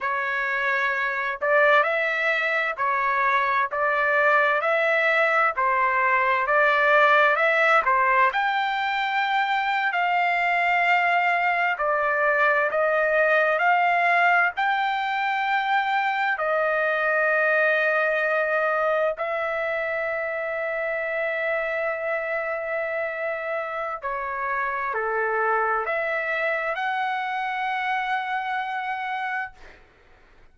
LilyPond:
\new Staff \with { instrumentName = "trumpet" } { \time 4/4 \tempo 4 = 65 cis''4. d''8 e''4 cis''4 | d''4 e''4 c''4 d''4 | e''8 c''8 g''4.~ g''16 f''4~ f''16~ | f''8. d''4 dis''4 f''4 g''16~ |
g''4.~ g''16 dis''2~ dis''16~ | dis''8. e''2.~ e''16~ | e''2 cis''4 a'4 | e''4 fis''2. | }